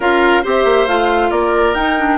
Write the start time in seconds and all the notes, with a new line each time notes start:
0.00 C#4 F4 A#4 F5
0.42 C4 G4 C5
0.49 E5
0.64 A#3
0.87 A3 F4 F5
1.30 A#3 A#4 D5
1.74 D#4 G5
1.98 D4